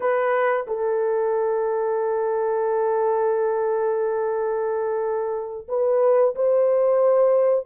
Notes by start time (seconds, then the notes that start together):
0.00 B4
0.67 A4
5.68 B4
6.35 C5